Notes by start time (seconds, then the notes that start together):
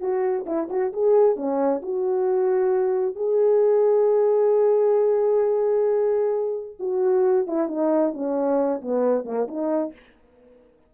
0.00 F#4
0.46 E4
0.70 F#4
0.92 G#4
1.36 C#4
1.82 F#4
3.15 G#4
6.79 F#4
7.47 E4
7.68 D#4
8.13 C#4
8.81 B3
9.24 A#3
9.47 D#4